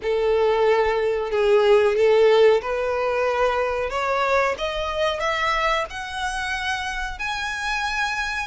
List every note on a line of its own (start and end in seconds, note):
0.02 1.30 A4
1.30 1.96 G#4
1.96 2.61 A4
2.61 3.90 B4
3.90 4.55 C#5
4.57 5.19 D#5
5.19 5.85 E5
5.90 7.19 F#5
7.19 8.47 G#5